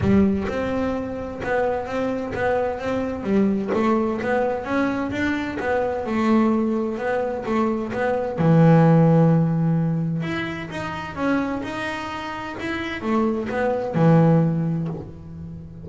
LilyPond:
\new Staff \with { instrumentName = "double bass" } { \time 4/4 \tempo 4 = 129 g4 c'2 b4 | c'4 b4 c'4 g4 | a4 b4 cis'4 d'4 | b4 a2 b4 |
a4 b4 e2~ | e2 e'4 dis'4 | cis'4 dis'2 e'4 | a4 b4 e2 | }